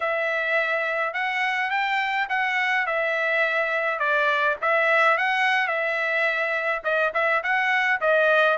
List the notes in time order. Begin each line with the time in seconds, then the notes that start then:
0.00 E5
1.13 F#5
1.70 G5
2.29 F#5
2.86 E5
3.99 D5
4.61 E5
5.17 F#5
5.67 E5
6.84 D#5
7.14 E5
7.43 F#5
8.00 D#5